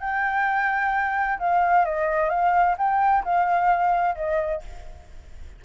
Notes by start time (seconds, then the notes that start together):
0.00 G5
1.39 F5
1.85 D#5
2.29 F5
2.78 G5
3.24 F5
4.15 D#5